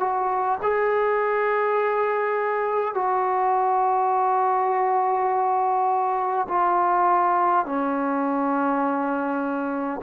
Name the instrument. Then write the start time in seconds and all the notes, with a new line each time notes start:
trombone
0.00 F#4
0.63 G#4
2.95 F#4
6.49 F4
7.66 C#4